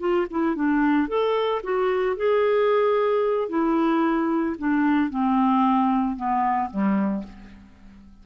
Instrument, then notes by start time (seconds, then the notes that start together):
clarinet
0.00 F4
0.31 E4
0.55 D4
1.08 A4
1.63 F#4
2.17 G#4
3.49 E4
4.59 D4
5.10 C4
6.17 B3
6.70 G3